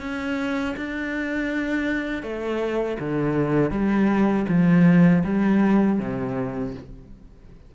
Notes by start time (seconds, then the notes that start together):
0.00 C#4
0.77 D4
2.23 A3
3.00 D3
3.71 G3
4.48 F3
5.24 G3
5.99 C3